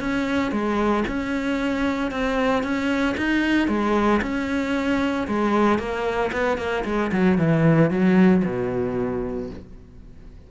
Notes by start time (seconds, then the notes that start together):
0.00 C#4
0.52 G#3
1.08 C#4
2.11 C4
2.63 C#4
3.17 D#4
3.68 G#3
4.22 C#4
5.28 G#3
5.79 A#3
6.33 B3
6.58 A#3
6.85 G#3
7.12 F#3
7.38 E3
7.91 F#3
8.45 B2